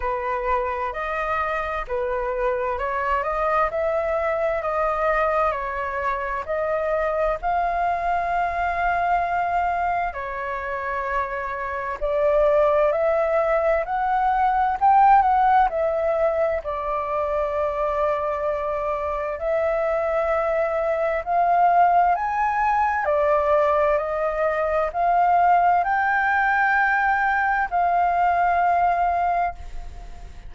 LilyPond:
\new Staff \with { instrumentName = "flute" } { \time 4/4 \tempo 4 = 65 b'4 dis''4 b'4 cis''8 dis''8 | e''4 dis''4 cis''4 dis''4 | f''2. cis''4~ | cis''4 d''4 e''4 fis''4 |
g''8 fis''8 e''4 d''2~ | d''4 e''2 f''4 | gis''4 d''4 dis''4 f''4 | g''2 f''2 | }